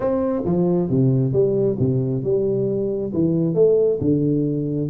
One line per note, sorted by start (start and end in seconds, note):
0.00 0.42 C4
0.45 0.89 F3
0.89 1.33 C3
1.33 1.77 G3
1.79 2.23 C3
2.23 3.12 G3
3.13 3.54 E3
3.54 3.99 A3
4.01 4.89 D3